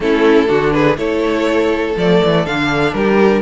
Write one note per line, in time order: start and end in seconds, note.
0.00 0.49 A3
0.00 0.47 C#4
0.00 0.48 E4
0.00 0.72 A4
0.47 0.97 D3
0.47 0.96 D4
0.47 0.73 F#4
0.72 0.99 G#4
0.72 0.96 B4
0.97 1.95 A3
0.97 1.95 E4
0.97 2.95 A4
0.97 1.96 C#5
1.96 2.21 F3
1.96 2.45 A3
1.96 2.46 D5
2.23 2.46 E3
2.45 2.93 D3
2.45 3.41 D4
2.45 2.93 F5
2.93 3.41 G3
2.93 3.41 G4
2.93 3.41 A#4